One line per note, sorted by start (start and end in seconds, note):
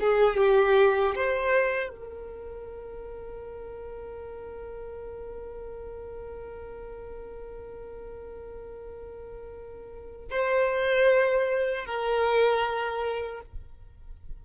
0.00 0.36 G#4
0.36 1.14 G4
1.15 1.89 C5
1.89 10.26 A#4
10.30 11.85 C5
11.85 13.41 A#4